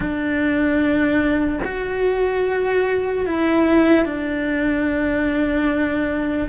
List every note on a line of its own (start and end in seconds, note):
0.00 1.59 D4
1.64 3.26 F#4
3.26 4.05 E4
4.05 6.48 D4